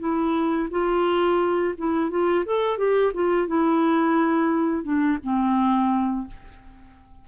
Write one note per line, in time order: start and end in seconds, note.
0.00 0.69 E4
0.71 1.75 F4
1.78 2.11 E4
2.11 2.45 F4
2.46 2.78 A4
2.78 3.13 G4
3.14 3.48 F4
3.48 4.84 E4
4.84 5.18 D4
5.24 6.28 C4